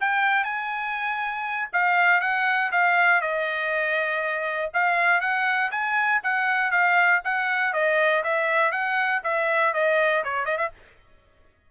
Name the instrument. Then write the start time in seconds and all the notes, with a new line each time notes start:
trumpet
0.00 G5
0.44 G#5
1.73 F5
2.21 F#5
2.72 F5
3.21 D#5
4.74 F5
5.20 F#5
5.71 G#5
6.23 F#5
6.71 F5
7.24 F#5
7.73 D#5
8.24 E5
8.71 F#5
9.23 E5
9.74 D#5
10.24 C#5
10.45 D#5
10.57 E5